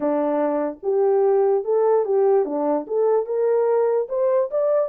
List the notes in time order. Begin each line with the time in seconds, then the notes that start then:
0.00 D4
0.82 G4
1.64 A4
2.05 G4
2.45 D4
2.87 A4
3.26 A#4
4.09 C5
4.50 D5